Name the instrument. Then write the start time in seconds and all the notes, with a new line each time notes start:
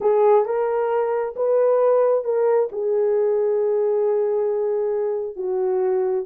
horn
0.00 G#4
0.45 A#4
1.36 B4
2.24 A#4
2.72 G#4
5.36 F#4